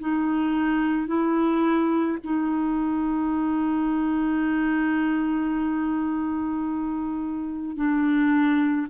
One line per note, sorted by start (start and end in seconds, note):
0.00 1.07 D#4
1.07 2.18 E4
2.24 7.76 D#4
7.76 8.87 D4